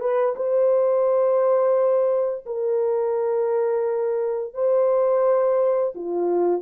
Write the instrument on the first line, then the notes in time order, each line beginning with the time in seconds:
horn
0.00 B4
0.36 C5
2.45 A#4
4.53 C5
5.95 F4